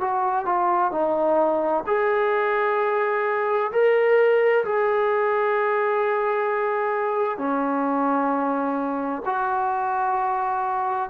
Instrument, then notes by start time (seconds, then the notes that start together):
trombone
0.00 F#4
0.45 F4
0.91 D#4
1.86 G#4
3.72 A#4
4.64 G#4
7.38 C#4
9.25 F#4